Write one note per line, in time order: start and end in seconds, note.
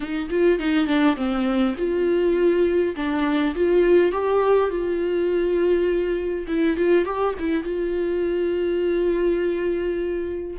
0.00 0.29 D#4
0.30 0.59 F4
0.59 0.86 D#4
0.86 1.16 D4
1.16 1.75 C4
1.77 2.95 F4
2.95 3.54 D4
3.55 4.11 F4
4.11 4.70 G4
4.70 6.46 F4
6.47 6.76 E4
6.76 7.04 F4
7.04 7.34 G4
7.39 7.63 E4
7.63 10.57 F4